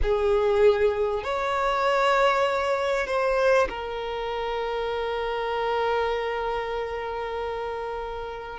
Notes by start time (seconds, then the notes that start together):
0.02 G#4
1.23 C#5
3.06 C5
3.69 A#4